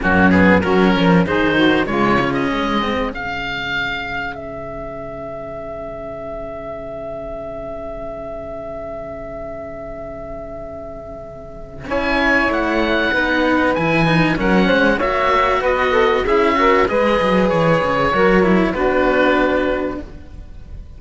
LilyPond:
<<
  \new Staff \with { instrumentName = "oboe" } { \time 4/4 \tempo 4 = 96 fis'8 gis'8 ais'4 c''4 cis''8. dis''16~ | dis''4 f''2 e''4~ | e''1~ | e''1~ |
e''2. gis''4 | fis''2 gis''4 fis''4 | e''4 dis''4 e''4 dis''4 | cis''2 b'2 | }
  \new Staff \with { instrumentName = "saxophone" } { \time 4/4 cis'4 fis'8 ais'8 gis'8 fis'8 f'4 | gis'1~ | gis'1~ | gis'1~ |
gis'2. cis''4~ | cis''4 b'2 ais'8 c''8 | cis''4 b'8 a'8 gis'8 ais'8 b'4~ | b'4 ais'4 fis'2 | }
  \new Staff \with { instrumentName = "cello" } { \time 4/4 ais8 b8 cis'4 dis'4 gis8 cis'8~ | cis'8 c'8 cis'2.~ | cis'1~ | cis'1~ |
cis'2. e'4~ | e'4 dis'4 e'8 dis'8 cis'4 | fis'2 e'8 fis'8 gis'4~ | gis'4 fis'8 e'8 d'2 | }
  \new Staff \with { instrumentName = "cello" } { \time 4/4 fis,4 fis8 f8 dis4 cis4 | gis4 cis2.~ | cis1~ | cis1~ |
cis2. cis'4 | a4 b4 e4 fis8 gis8 | ais4 b4 cis'4 gis8 fis8 | e8 cis8 fis4 b2 | }
>>